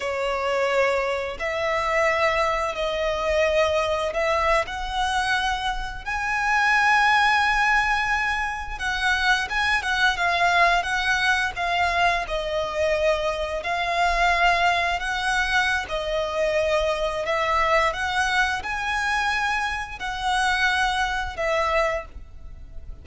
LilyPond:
\new Staff \with { instrumentName = "violin" } { \time 4/4 \tempo 4 = 87 cis''2 e''2 | dis''2 e''8. fis''4~ fis''16~ | fis''8. gis''2.~ gis''16~ | gis''8. fis''4 gis''8 fis''8 f''4 fis''16~ |
fis''8. f''4 dis''2 f''16~ | f''4.~ f''16 fis''4~ fis''16 dis''4~ | dis''4 e''4 fis''4 gis''4~ | gis''4 fis''2 e''4 | }